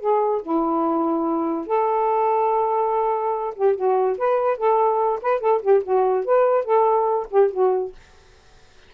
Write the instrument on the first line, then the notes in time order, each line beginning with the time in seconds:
saxophone
0.00 G#4
0.42 E4
1.67 A4
3.55 G4
3.76 F#4
4.18 B4
4.58 A4
5.22 B4
5.41 A4
5.62 G4
5.84 F#4
6.25 B4
6.65 A4
7.30 G4
7.51 F#4